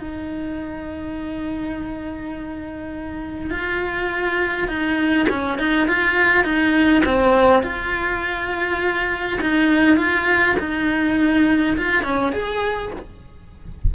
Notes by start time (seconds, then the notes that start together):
0.00 D#4
3.51 F4
4.68 D#4
5.29 C#4
5.59 D#4
5.88 F4
6.44 D#4
7.06 C4
7.63 F4
9.41 D#4
9.97 F4
10.59 D#4
11.78 F4
12.03 C#4
12.33 G#4